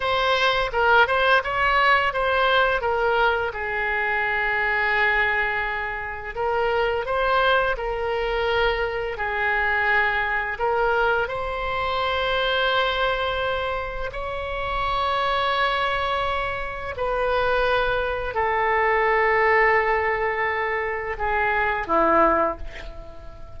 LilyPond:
\new Staff \with { instrumentName = "oboe" } { \time 4/4 \tempo 4 = 85 c''4 ais'8 c''8 cis''4 c''4 | ais'4 gis'2.~ | gis'4 ais'4 c''4 ais'4~ | ais'4 gis'2 ais'4 |
c''1 | cis''1 | b'2 a'2~ | a'2 gis'4 e'4 | }